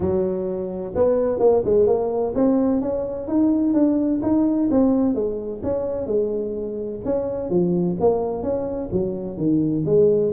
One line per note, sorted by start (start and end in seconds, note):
0.00 0.93 F#3
0.95 1.39 B3
1.39 1.62 A#3
1.64 1.86 G#3
1.86 2.33 A#3
2.35 2.81 C4
2.81 3.27 C#4
3.27 3.73 D#4
3.73 4.20 D4
4.22 4.69 D#4
4.70 5.14 C4
5.14 5.61 G#3
5.63 6.06 C#4
6.06 7.00 G#3
7.04 7.49 C#4
7.49 7.96 F3
8.00 8.42 A#3
8.42 8.89 C#4
8.91 9.37 F#3
9.37 9.84 D#3
9.85 10.32 G#3